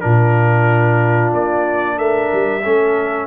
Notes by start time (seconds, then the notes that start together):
0.00 A#2 D4 F4 A#4
1.33 A#3 D5
1.97 A3 A#4 E5
2.33 G3
2.64 A3 C#4 A4